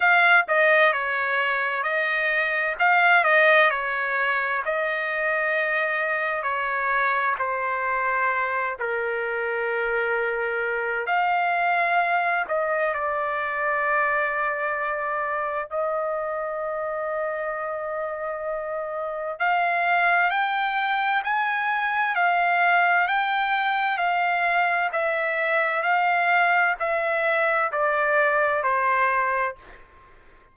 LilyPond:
\new Staff \with { instrumentName = "trumpet" } { \time 4/4 \tempo 4 = 65 f''8 dis''8 cis''4 dis''4 f''8 dis''8 | cis''4 dis''2 cis''4 | c''4. ais'2~ ais'8 | f''4. dis''8 d''2~ |
d''4 dis''2.~ | dis''4 f''4 g''4 gis''4 | f''4 g''4 f''4 e''4 | f''4 e''4 d''4 c''4 | }